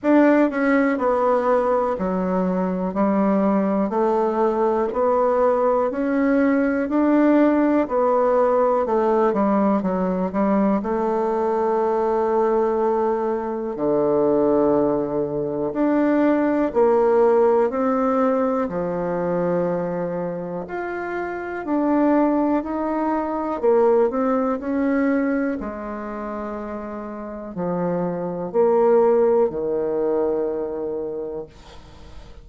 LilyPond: \new Staff \with { instrumentName = "bassoon" } { \time 4/4 \tempo 4 = 61 d'8 cis'8 b4 fis4 g4 | a4 b4 cis'4 d'4 | b4 a8 g8 fis8 g8 a4~ | a2 d2 |
d'4 ais4 c'4 f4~ | f4 f'4 d'4 dis'4 | ais8 c'8 cis'4 gis2 | f4 ais4 dis2 | }